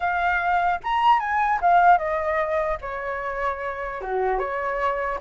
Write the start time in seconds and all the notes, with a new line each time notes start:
0.00 F5
0.83 A#5
1.19 G#5
1.61 F5
1.98 D#5
2.81 C#5
4.01 F#4
4.38 C#5